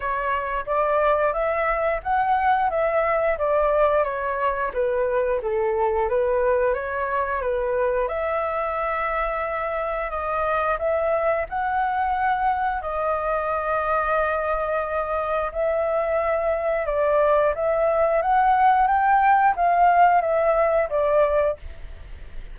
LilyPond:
\new Staff \with { instrumentName = "flute" } { \time 4/4 \tempo 4 = 89 cis''4 d''4 e''4 fis''4 | e''4 d''4 cis''4 b'4 | a'4 b'4 cis''4 b'4 | e''2. dis''4 |
e''4 fis''2 dis''4~ | dis''2. e''4~ | e''4 d''4 e''4 fis''4 | g''4 f''4 e''4 d''4 | }